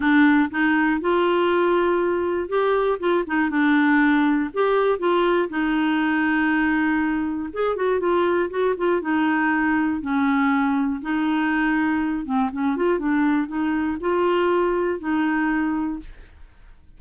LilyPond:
\new Staff \with { instrumentName = "clarinet" } { \time 4/4 \tempo 4 = 120 d'4 dis'4 f'2~ | f'4 g'4 f'8 dis'8 d'4~ | d'4 g'4 f'4 dis'4~ | dis'2. gis'8 fis'8 |
f'4 fis'8 f'8 dis'2 | cis'2 dis'2~ | dis'8 c'8 cis'8 f'8 d'4 dis'4 | f'2 dis'2 | }